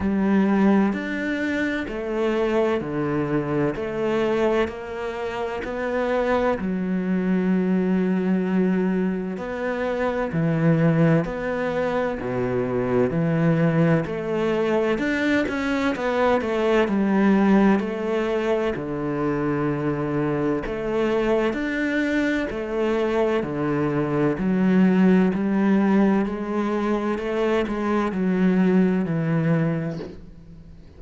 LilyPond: \new Staff \with { instrumentName = "cello" } { \time 4/4 \tempo 4 = 64 g4 d'4 a4 d4 | a4 ais4 b4 fis4~ | fis2 b4 e4 | b4 b,4 e4 a4 |
d'8 cis'8 b8 a8 g4 a4 | d2 a4 d'4 | a4 d4 fis4 g4 | gis4 a8 gis8 fis4 e4 | }